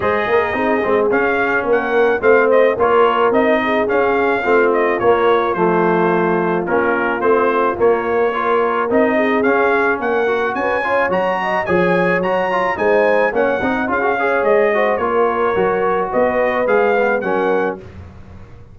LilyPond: <<
  \new Staff \with { instrumentName = "trumpet" } { \time 4/4 \tempo 4 = 108 dis''2 f''4 fis''4 | f''8 dis''8 cis''4 dis''4 f''4~ | f''8 dis''8 cis''4 c''2 | ais'4 c''4 cis''2 |
dis''4 f''4 fis''4 gis''4 | ais''4 gis''4 ais''4 gis''4 | fis''4 f''4 dis''4 cis''4~ | cis''4 dis''4 f''4 fis''4 | }
  \new Staff \with { instrumentName = "horn" } { \time 4/4 c''8 ais'8 gis'2 ais'4 | c''4 ais'4. gis'4. | f'1~ | f'2. ais'4~ |
ais'8 gis'4. ais'4 b'8 cis''8~ | cis''8 dis''8 cis''2 c''4 | cis''8 dis''8 gis'8 cis''4 c''8 ais'4~ | ais'4 b'2 ais'4 | }
  \new Staff \with { instrumentName = "trombone" } { \time 4/4 gis'4 dis'8 c'8 cis'2 | c'4 f'4 dis'4 cis'4 | c'4 ais4 a2 | cis'4 c'4 ais4 f'4 |
dis'4 cis'4. fis'4 f'8 | fis'4 gis'4 fis'8 f'8 dis'4 | cis'8 dis'8 f'16 fis'16 gis'4 fis'8 f'4 | fis'2 gis'8 b8 cis'4 | }
  \new Staff \with { instrumentName = "tuba" } { \time 4/4 gis8 ais8 c'8 gis8 cis'4 ais4 | a4 ais4 c'4 cis'4 | a4 ais4 f2 | ais4 a4 ais2 |
c'4 cis'4 ais4 cis'4 | fis4 f4 fis4 gis4 | ais8 c'8 cis'4 gis4 ais4 | fis4 b4 gis4 fis4 | }
>>